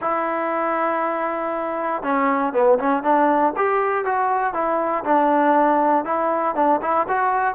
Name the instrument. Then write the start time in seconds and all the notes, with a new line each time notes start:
trombone
0.01 E4
2.02 C#4
2.53 B3
2.78 C#4
3.03 D4
3.56 G4
4.05 F#4
4.53 E4
5.04 D4
6.05 E4
6.55 D4
6.81 E4
7.07 F#4